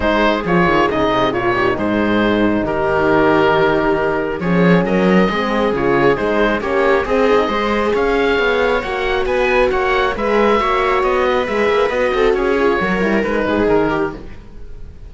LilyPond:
<<
  \new Staff \with { instrumentName = "oboe" } { \time 4/4 \tempo 4 = 136 c''4 cis''4 dis''4 cis''4 | c''2 ais'2~ | ais'2 cis''4 dis''4~ | dis''4 cis''4 c''4 cis''4 |
dis''2 f''2 | fis''4 gis''4 fis''4 e''4~ | e''4 dis''4 e''4 dis''4 | cis''2 b'4 ais'4 | }
  \new Staff \with { instrumentName = "viola" } { \time 4/4 gis'2.~ gis'8 g'8 | gis'2 g'2~ | g'2 gis'4 ais'4 | gis'2. g'4 |
gis'4 c''4 cis''2~ | cis''4 b'4 cis''4 b'4 | cis''4. b'2 a'8 | gis'4 ais'4. gis'4 g'8 | }
  \new Staff \with { instrumentName = "horn" } { \time 4/4 dis'4 f'4 dis'4 f'8 dis'8~ | dis'1~ | dis'2 cis'2 | c'4 f'4 dis'4 cis'4 |
c'8 dis'8 gis'2. | fis'2. gis'4 | fis'2 gis'4 fis'4~ | fis'8 f'8 fis'8 e'8 dis'2 | }
  \new Staff \with { instrumentName = "cello" } { \time 4/4 gis4 f8 dis8 cis8 c8 ais,4 | gis,2 dis2~ | dis2 f4 fis4 | gis4 cis4 gis4 ais4 |
c'4 gis4 cis'4 b4 | ais4 b4 ais4 gis4 | ais4 b4 gis8 ais8 b8 c'8 | cis'4 fis8 g8 gis8 gis,8 dis4 | }
>>